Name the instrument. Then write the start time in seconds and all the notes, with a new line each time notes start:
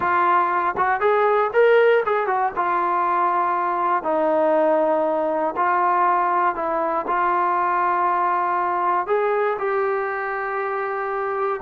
trombone
0.00 F4
0.77 F#4
1.00 G#4
1.53 A#4
2.05 G#4
2.26 F#4
2.56 F4
4.03 D#4
5.56 F4
6.55 E4
7.07 F4
9.06 G#4
9.58 G4